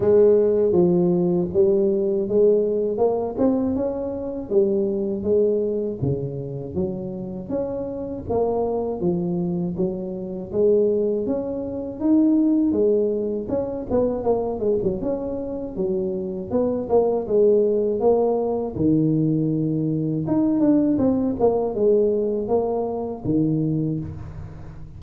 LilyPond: \new Staff \with { instrumentName = "tuba" } { \time 4/4 \tempo 4 = 80 gis4 f4 g4 gis4 | ais8 c'8 cis'4 g4 gis4 | cis4 fis4 cis'4 ais4 | f4 fis4 gis4 cis'4 |
dis'4 gis4 cis'8 b8 ais8 gis16 fis16 | cis'4 fis4 b8 ais8 gis4 | ais4 dis2 dis'8 d'8 | c'8 ais8 gis4 ais4 dis4 | }